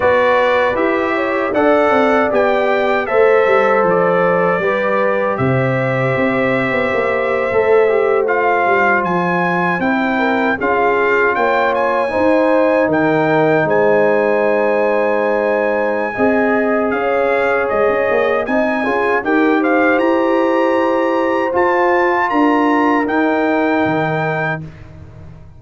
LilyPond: <<
  \new Staff \with { instrumentName = "trumpet" } { \time 4/4 \tempo 4 = 78 d''4 e''4 fis''4 g''4 | e''4 d''2 e''4~ | e''2~ e''8. f''4 gis''16~ | gis''8. g''4 f''4 g''8 gis''8.~ |
gis''8. g''4 gis''2~ gis''16~ | gis''2 f''4 dis''4 | gis''4 g''8 f''8 ais''2 | a''4 ais''4 g''2 | }
  \new Staff \with { instrumentName = "horn" } { \time 4/4 b'4. cis''8 d''2 | c''2 b'4 c''4~ | c''1~ | c''4~ c''16 ais'8 gis'4 cis''4 c''16~ |
c''8. ais'4 c''2~ c''16~ | c''4 dis''4 cis''2 | dis''8 gis'8 ais'8 c''2~ c''8~ | c''4 ais'2. | }
  \new Staff \with { instrumentName = "trombone" } { \time 4/4 fis'4 g'4 a'4 g'4 | a'2 g'2~ | g'4.~ g'16 a'8 g'8 f'4~ f'16~ | f'8. e'4 f'2 dis'16~ |
dis'1~ | dis'4 gis'2. | dis'8 f'8 g'2. | f'2 dis'2 | }
  \new Staff \with { instrumentName = "tuba" } { \time 4/4 b4 e'4 d'8 c'8 b4 | a8 g8 f4 g4 c4 | c'8. b16 ais8. a4. g8 f16~ | f8. c'4 cis'4 ais4 dis'16~ |
dis'8. dis4 gis2~ gis16~ | gis4 c'4 cis'4 gis16 cis'16 ais8 | c'8 cis'8 dis'4 e'2 | f'4 d'4 dis'4 dis4 | }
>>